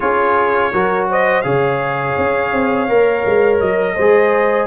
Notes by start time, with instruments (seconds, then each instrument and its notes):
0.00 tuba C#4, trombone F4, horn G#4, trumpet C#5
0.72 tuba F#3, trombone F#4, horn A#4
1.09 horn C5, trumpet D#5
1.41 tuba C#3, trombone G#4, horn C#5, trumpet F5
2.17 tuba C#4
2.53 tuba C4
2.88 tuba A#3, trombone A#4
3.25 tuba G#3
3.59 tuba F#3, trumpet D#5
3.95 tuba G#3, trombone G#4, horn C5